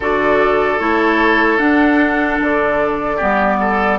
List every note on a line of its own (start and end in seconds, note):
0.00 0.79 D3
0.00 0.79 F#4
0.00 3.16 A4
0.00 0.79 D5
0.79 1.58 A3
0.79 1.58 E4
0.79 1.58 C#5
1.58 2.38 D4
1.58 3.18 D4
1.58 2.38 F#5
2.40 3.20 D3
2.40 3.98 D5
3.16 3.98 G3
3.16 3.98 B3
3.16 3.56 G4
3.60 3.98 A4